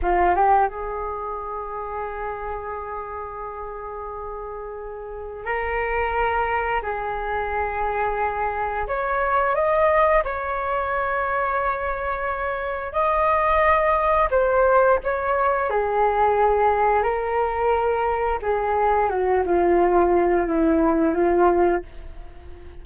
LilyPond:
\new Staff \with { instrumentName = "flute" } { \time 4/4 \tempo 4 = 88 f'8 g'8 gis'2.~ | gis'1 | ais'2 gis'2~ | gis'4 cis''4 dis''4 cis''4~ |
cis''2. dis''4~ | dis''4 c''4 cis''4 gis'4~ | gis'4 ais'2 gis'4 | fis'8 f'4. e'4 f'4 | }